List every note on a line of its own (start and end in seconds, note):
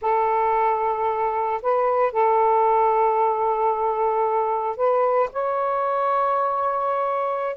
0.01 1.61 A4
1.62 2.12 B4
2.12 4.76 A4
4.76 5.29 B4
5.32 7.56 C#5